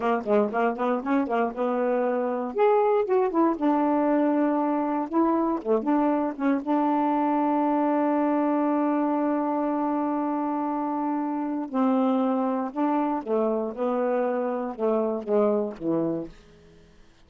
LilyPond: \new Staff \with { instrumentName = "saxophone" } { \time 4/4 \tempo 4 = 118 ais8 gis8 ais8 b8 cis'8 ais8 b4~ | b4 gis'4 fis'8 e'8 d'4~ | d'2 e'4 a8 d'8~ | d'8 cis'8 d'2.~ |
d'1~ | d'2. c'4~ | c'4 d'4 a4 b4~ | b4 a4 gis4 e4 | }